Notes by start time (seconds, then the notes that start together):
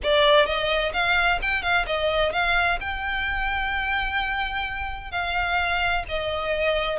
0.03 D5
0.46 D#5
0.93 F5
1.41 G5
1.62 F5
1.86 D#5
2.32 F5
2.80 G5
5.11 F5
6.08 D#5